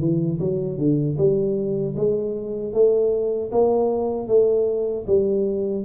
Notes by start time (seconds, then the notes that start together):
0.00 E3
0.40 F#3
0.78 D3
1.18 G3
1.97 G#3
2.73 A3
3.52 A#3
4.28 A3
5.07 G3